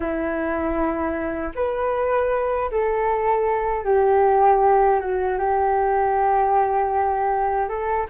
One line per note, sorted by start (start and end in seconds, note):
0.00 1.52 E4
1.55 2.70 B4
2.71 3.84 A4
3.84 5.00 G4
5.00 5.38 F#4
5.38 7.68 G4
7.68 8.07 A4